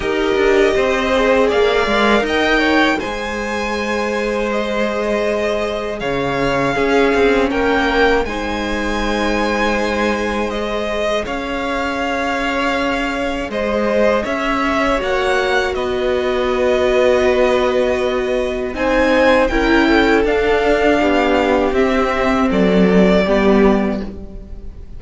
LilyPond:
<<
  \new Staff \with { instrumentName = "violin" } { \time 4/4 \tempo 4 = 80 dis''2 f''4 g''4 | gis''2 dis''2 | f''2 g''4 gis''4~ | gis''2 dis''4 f''4~ |
f''2 dis''4 e''4 | fis''4 dis''2.~ | dis''4 gis''4 g''4 f''4~ | f''4 e''4 d''2 | }
  \new Staff \with { instrumentName = "violin" } { \time 4/4 ais'4 c''4 d''4 dis''8 cis''8 | c''1 | cis''4 gis'4 ais'4 c''4~ | c''2. cis''4~ |
cis''2 c''4 cis''4~ | cis''4 b'2.~ | b'4 c''4 ais'8 a'4. | g'2 a'4 g'4 | }
  \new Staff \with { instrumentName = "viola" } { \time 4/4 g'4. gis'4 ais'4. | gis'1~ | gis'4 cis'2 dis'4~ | dis'2 gis'2~ |
gis'1 | fis'1~ | fis'4 dis'4 e'4 d'4~ | d'4 c'2 b4 | }
  \new Staff \with { instrumentName = "cello" } { \time 4/4 dis'8 d'8 c'4 ais8 gis8 dis'4 | gis1 | cis4 cis'8 c'8 ais4 gis4~ | gis2. cis'4~ |
cis'2 gis4 cis'4 | ais4 b2.~ | b4 c'4 cis'4 d'4 | b4 c'4 fis4 g4 | }
>>